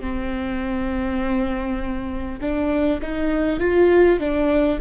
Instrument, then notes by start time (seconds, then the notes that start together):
viola
0.00 C4
2.40 D4
3.01 D#4
3.59 F4
4.19 D4